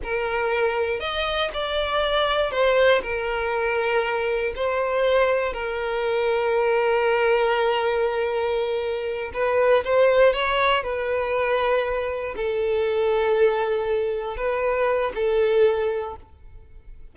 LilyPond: \new Staff \with { instrumentName = "violin" } { \time 4/4 \tempo 4 = 119 ais'2 dis''4 d''4~ | d''4 c''4 ais'2~ | ais'4 c''2 ais'4~ | ais'1~ |
ais'2~ ais'8 b'4 c''8~ | c''8 cis''4 b'2~ b'8~ | b'8 a'2.~ a'8~ | a'8 b'4. a'2 | }